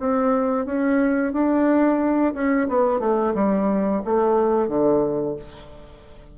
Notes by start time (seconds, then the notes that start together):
0.00 C4
0.66 C#4
1.33 D4
2.34 C#4
2.69 B3
3.00 A3
3.35 G3
4.05 A3
4.69 D3